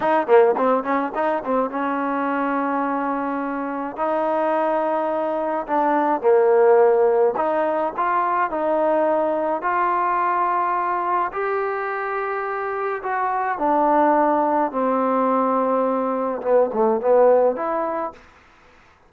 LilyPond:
\new Staff \with { instrumentName = "trombone" } { \time 4/4 \tempo 4 = 106 dis'8 ais8 c'8 cis'8 dis'8 c'8 cis'4~ | cis'2. dis'4~ | dis'2 d'4 ais4~ | ais4 dis'4 f'4 dis'4~ |
dis'4 f'2. | g'2. fis'4 | d'2 c'2~ | c'4 b8 a8 b4 e'4 | }